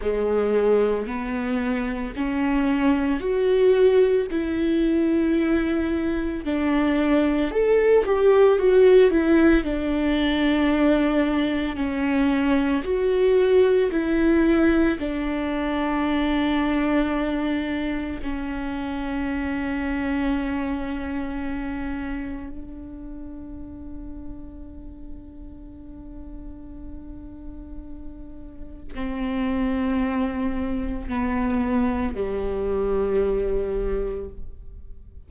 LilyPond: \new Staff \with { instrumentName = "viola" } { \time 4/4 \tempo 4 = 56 gis4 b4 cis'4 fis'4 | e'2 d'4 a'8 g'8 | fis'8 e'8 d'2 cis'4 | fis'4 e'4 d'2~ |
d'4 cis'2.~ | cis'4 d'2.~ | d'2. c'4~ | c'4 b4 g2 | }